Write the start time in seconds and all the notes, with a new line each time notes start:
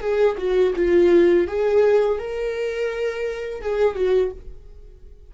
0.00 G#4
0.37 F#4
0.76 F4
1.47 G#4
2.19 A#4
3.61 G#4
3.95 F#4